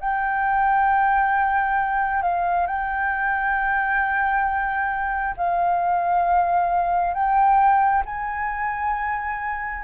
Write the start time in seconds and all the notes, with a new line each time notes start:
0.00 G5
2.22 F5
2.67 G5
5.37 F5
7.14 G5
8.06 G#5